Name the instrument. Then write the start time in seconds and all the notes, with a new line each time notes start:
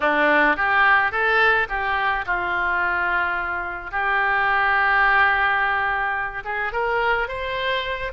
oboe
0.00 D4
0.56 G4
1.11 A4
1.68 G4
2.26 F4
3.91 G4
6.44 G#4
6.72 A#4
7.27 C5